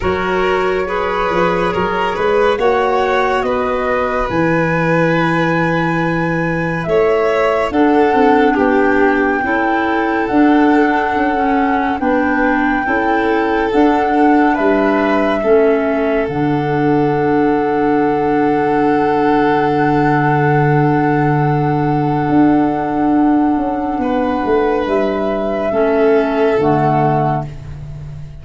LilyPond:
<<
  \new Staff \with { instrumentName = "flute" } { \time 4/4 \tempo 4 = 70 cis''2. fis''4 | dis''4 gis''2. | e''4 fis''4 g''2 | fis''2 g''2 |
fis''4 e''2 fis''4~ | fis''1~ | fis''1~ | fis''4 e''2 fis''4 | }
  \new Staff \with { instrumentName = "violin" } { \time 4/4 ais'4 b'4 ais'8 b'8 cis''4 | b'1 | cis''4 a'4 g'4 a'4~ | a'2 b'4 a'4~ |
a'4 b'4 a'2~ | a'1~ | a'1 | b'2 a'2 | }
  \new Staff \with { instrumentName = "clarinet" } { \time 4/4 fis'4 gis'2 fis'4~ | fis'4 e'2.~ | e'4 d'2 e'4 | d'4~ d'16 cis'8. d'4 e'4 |
d'2 cis'4 d'4~ | d'1~ | d'1~ | d'2 cis'4 a4 | }
  \new Staff \with { instrumentName = "tuba" } { \time 4/4 fis4. f8 fis8 gis8 ais4 | b4 e2. | a4 d'8 c'8 b4 cis'4 | d'4 cis'4 b4 cis'4 |
d'4 g4 a4 d4~ | d1~ | d2 d'4. cis'8 | b8 a8 g4 a4 d4 | }
>>